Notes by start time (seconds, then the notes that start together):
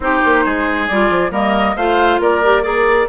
0.00 C4 D#4 G4 C5
0.25 A#3
0.44 G#3 G#4
0.87 G3 F4 D5
1.09 F3
1.31 G3 A#3 A#4 D#5
1.76 A3 F4 C5 F5
2.19 A#3 A#4 D5
2.43 G4
2.62 G#4 A#4 D5